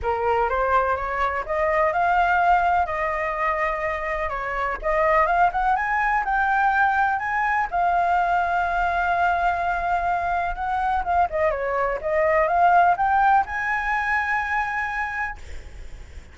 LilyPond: \new Staff \with { instrumentName = "flute" } { \time 4/4 \tempo 4 = 125 ais'4 c''4 cis''4 dis''4 | f''2 dis''2~ | dis''4 cis''4 dis''4 f''8 fis''8 | gis''4 g''2 gis''4 |
f''1~ | f''2 fis''4 f''8 dis''8 | cis''4 dis''4 f''4 g''4 | gis''1 | }